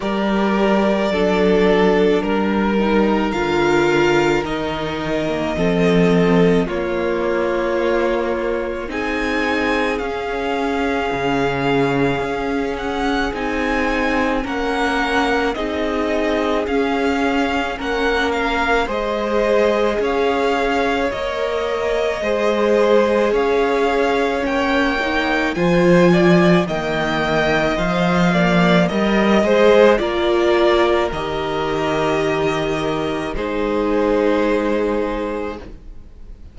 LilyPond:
<<
  \new Staff \with { instrumentName = "violin" } { \time 4/4 \tempo 4 = 54 d''2 ais'4 f''4 | dis''2 cis''2 | gis''4 f''2~ f''8 fis''8 | gis''4 fis''4 dis''4 f''4 |
fis''8 f''8 dis''4 f''4 dis''4~ | dis''4 f''4 g''4 gis''4 | g''4 f''4 dis''8 c''8 d''4 | dis''2 c''2 | }
  \new Staff \with { instrumentName = "violin" } { \time 4/4 ais'4 a'4 ais'2~ | ais'4 a'4 f'2 | gis'1~ | gis'4 ais'4 gis'2 |
ais'4 c''4 cis''2 | c''4 cis''2 c''8 d''8 | dis''4. d''8 dis''4 ais'4~ | ais'2 gis'2 | }
  \new Staff \with { instrumentName = "viola" } { \time 4/4 g'4 d'4. dis'8 f'4 | dis'8. ais16 c'4 ais2 | dis'4 cis'2. | dis'4 cis'4 dis'4 cis'4~ |
cis'4 gis'2 ais'4 | gis'2 cis'8 dis'8 f'4 | ais4 c''8 ais8 ais'8 gis'8 f'4 | g'2 dis'2 | }
  \new Staff \with { instrumentName = "cello" } { \time 4/4 g4 fis4 g4 d4 | dis4 f4 ais2 | c'4 cis'4 cis4 cis'4 | c'4 ais4 c'4 cis'4 |
ais4 gis4 cis'4 ais4 | gis4 cis'4 ais4 f4 | dis4 f4 g8 gis8 ais4 | dis2 gis2 | }
>>